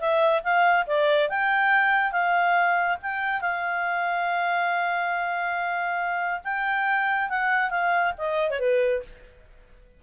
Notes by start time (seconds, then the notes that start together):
0.00 E5
0.43 F5
0.87 D5
1.30 G5
2.12 F5
3.02 G5
3.41 F5
6.45 G5
7.30 F#5
7.70 F5
8.18 D#5
8.51 C#5
8.60 B4